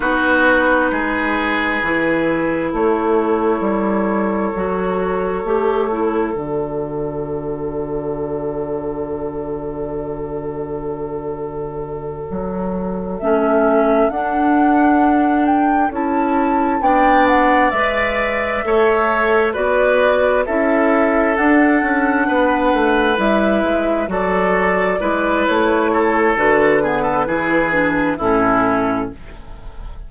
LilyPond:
<<
  \new Staff \with { instrumentName = "flute" } { \time 4/4 \tempo 4 = 66 b'2. cis''4~ | cis''2. d''4~ | d''1~ | d''2~ d''8 e''4 fis''8~ |
fis''4 g''8 a''4 g''8 fis''8 e''8~ | e''4. d''4 e''4 fis''8~ | fis''4. e''4 d''4. | cis''4 b'2 a'4 | }
  \new Staff \with { instrumentName = "oboe" } { \time 4/4 fis'4 gis'2 a'4~ | a'1~ | a'1~ | a'1~ |
a'2~ a'8 d''4.~ | d''8 cis''4 b'4 a'4.~ | a'8 b'2 a'4 b'8~ | b'8 a'4 gis'16 a'16 gis'4 e'4 | }
  \new Staff \with { instrumentName = "clarinet" } { \time 4/4 dis'2 e'2~ | e'4 fis'4 g'8 e'8 fis'4~ | fis'1~ | fis'2~ fis'8 cis'4 d'8~ |
d'4. e'4 d'4 b'8~ | b'8 a'4 fis'4 e'4 d'8~ | d'4. e'4 fis'4 e'8~ | e'4 fis'8 b8 e'8 d'8 cis'4 | }
  \new Staff \with { instrumentName = "bassoon" } { \time 4/4 b4 gis4 e4 a4 | g4 fis4 a4 d4~ | d1~ | d4. fis4 a4 d'8~ |
d'4. cis'4 b4 gis8~ | gis8 a4 b4 cis'4 d'8 | cis'8 b8 a8 g8 gis8 fis4 gis8 | a4 d4 e4 a,4 | }
>>